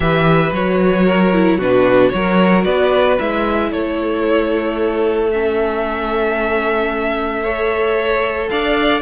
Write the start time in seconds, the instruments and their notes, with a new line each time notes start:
0.00 cello E3, viola G4, violin B4 E5
0.52 cello F#3, viola F#4, violin C#5
1.05 violin A#4
1.33 viola E4
1.57 cello B2, viola D4, violin F#4 B4
2.09 cello F#3, viola F#4, violin C#5
2.15 violin A#4
2.63 cello B3, violin B4 D5
3.18 cello G#3, viola E4, violin E5
3.71 cello A3, violin A4 C#5
5.31 viola C#4, violin E5
7.43 viola A4, violin C#5
8.49 cello D4, violin D5 F5